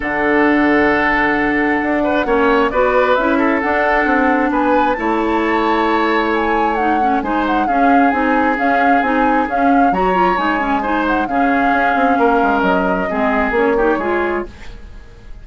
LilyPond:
<<
  \new Staff \with { instrumentName = "flute" } { \time 4/4 \tempo 4 = 133 fis''1~ | fis''2 d''4 e''4 | fis''2 gis''4 a''4~ | a''2 gis''4 fis''4 |
gis''8 fis''8 f''4 gis''4 f''4 | gis''4 f''4 ais''4 gis''4~ | gis''8 fis''8 f''2. | dis''2 cis''2 | }
  \new Staff \with { instrumentName = "oboe" } { \time 4/4 a'1~ | a'8 b'8 cis''4 b'4. a'8~ | a'2 b'4 cis''4~ | cis''1 |
c''4 gis'2.~ | gis'2 cis''2 | c''4 gis'2 ais'4~ | ais'4 gis'4. g'8 gis'4 | }
  \new Staff \with { instrumentName = "clarinet" } { \time 4/4 d'1~ | d'4 cis'4 fis'4 e'4 | d'2. e'4~ | e'2. dis'8 cis'8 |
dis'4 cis'4 dis'4 cis'4 | dis'4 cis'4 fis'8 f'8 dis'8 cis'8 | dis'4 cis'2.~ | cis'4 c'4 cis'8 dis'8 f'4 | }
  \new Staff \with { instrumentName = "bassoon" } { \time 4/4 d1 | d'4 ais4 b4 cis'4 | d'4 c'4 b4 a4~ | a1 |
gis4 cis'4 c'4 cis'4 | c'4 cis'4 fis4 gis4~ | gis4 cis4 cis'8 c'8 ais8 gis8 | fis4 gis4 ais4 gis4 | }
>>